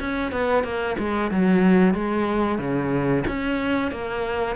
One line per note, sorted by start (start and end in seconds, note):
0.00 0.32 C#4
0.32 0.64 B3
0.64 0.97 A#3
0.99 1.31 G#3
1.31 1.94 F#3
1.94 2.59 G#3
2.59 3.24 C#3
3.28 3.92 C#4
3.92 4.56 A#3